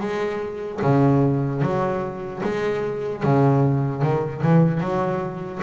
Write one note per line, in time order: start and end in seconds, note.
0.00 0.80 G#3
0.81 1.61 C#3
1.62 2.42 F#3
2.44 3.23 G#3
3.23 4.02 C#3
4.02 4.42 D#3
4.43 4.80 E3
4.80 5.60 F#3